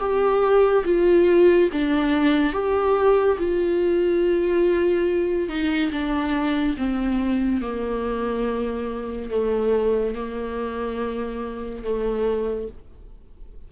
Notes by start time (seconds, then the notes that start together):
0.00 G4
0.86 F4
1.73 D4
2.54 G4
3.39 F4
5.49 D#4
5.93 D4
6.78 C4
7.62 A#3
9.31 A3
10.15 A#3
11.84 A3